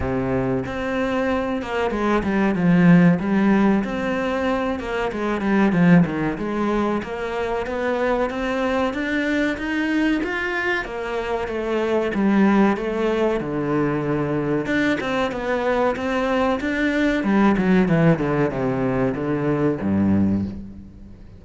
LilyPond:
\new Staff \with { instrumentName = "cello" } { \time 4/4 \tempo 4 = 94 c4 c'4. ais8 gis8 g8 | f4 g4 c'4. ais8 | gis8 g8 f8 dis8 gis4 ais4 | b4 c'4 d'4 dis'4 |
f'4 ais4 a4 g4 | a4 d2 d'8 c'8 | b4 c'4 d'4 g8 fis8 | e8 d8 c4 d4 g,4 | }